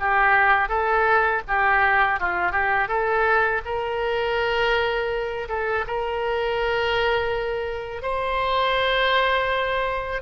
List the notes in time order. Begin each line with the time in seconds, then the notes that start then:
0.00 G4
0.69 A4
1.48 G4
2.20 F4
2.52 G4
2.88 A4
3.66 A#4
5.49 A4
5.87 A#4
8.03 C5